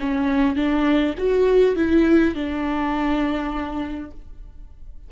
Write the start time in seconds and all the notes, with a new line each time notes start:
0.00 C#4
0.56 D4
1.18 F#4
1.76 E4
2.35 D4